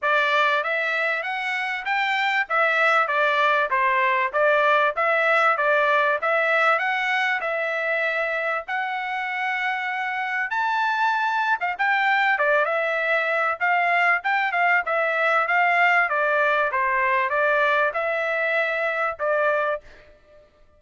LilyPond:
\new Staff \with { instrumentName = "trumpet" } { \time 4/4 \tempo 4 = 97 d''4 e''4 fis''4 g''4 | e''4 d''4 c''4 d''4 | e''4 d''4 e''4 fis''4 | e''2 fis''2~ |
fis''4 a''4.~ a''16 f''16 g''4 | d''8 e''4. f''4 g''8 f''8 | e''4 f''4 d''4 c''4 | d''4 e''2 d''4 | }